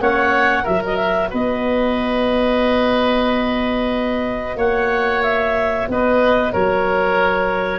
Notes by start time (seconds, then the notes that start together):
0.00 A#3 C#4 C#5 F#5
0.64 F#3 F#4 A#4 E5
0.86 D#5
0.96 E5
1.31 B3 B4 D#5
4.56 A#3 C#5 F#5
5.23 E5
5.89 B3 B4 D#5
6.53 F#3 A#4 C#5